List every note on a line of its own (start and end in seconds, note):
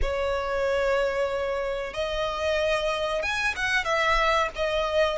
0.01 1.93 C#5
1.93 3.22 D#5
3.22 3.54 G#5
3.55 3.84 F#5
3.84 4.49 E5
4.55 5.18 D#5